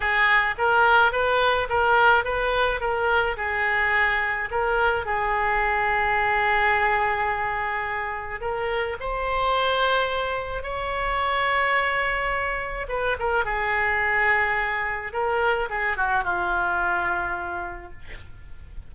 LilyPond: \new Staff \with { instrumentName = "oboe" } { \time 4/4 \tempo 4 = 107 gis'4 ais'4 b'4 ais'4 | b'4 ais'4 gis'2 | ais'4 gis'2.~ | gis'2. ais'4 |
c''2. cis''4~ | cis''2. b'8 ais'8 | gis'2. ais'4 | gis'8 fis'8 f'2. | }